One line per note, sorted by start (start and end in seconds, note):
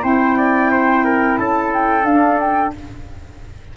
0.00 1.38 C4
0.00 2.02 E4
0.00 0.37 C5
0.00 1.37 G5
0.37 0.71 D5
0.71 1.04 C5
1.04 1.38 A#4
1.37 2.03 C#4
1.37 2.74 A4
1.37 1.71 A5
1.73 2.05 G5
2.03 2.70 D4
2.03 2.39 F5
2.09 2.76 D4
2.39 2.73 G5